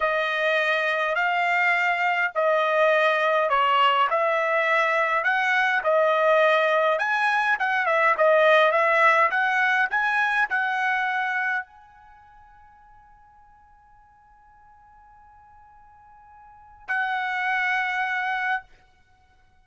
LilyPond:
\new Staff \with { instrumentName = "trumpet" } { \time 4/4 \tempo 4 = 103 dis''2 f''2 | dis''2 cis''4 e''4~ | e''4 fis''4 dis''2 | gis''4 fis''8 e''8 dis''4 e''4 |
fis''4 gis''4 fis''2 | gis''1~ | gis''1~ | gis''4 fis''2. | }